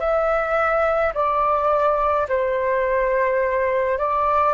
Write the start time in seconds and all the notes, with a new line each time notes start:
0.00 E5
1.14 D5
2.29 C5
3.99 D5